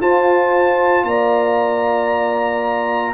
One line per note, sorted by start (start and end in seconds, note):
0.00 1.04 F4
0.00 3.14 F4
0.00 1.06 C5
0.00 1.05 A5
1.04 3.14 A#3
1.04 3.14 D5
1.04 3.14 A#5